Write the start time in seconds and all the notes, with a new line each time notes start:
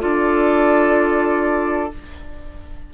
0.00 D4 F4 A4 D5